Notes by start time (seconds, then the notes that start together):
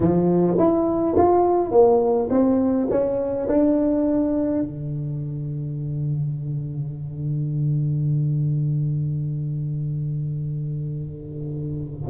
0.00 F3
0.58 E4
1.16 F4
1.71 A#3
2.29 C4
2.90 C#4
3.48 D4
4.62 D3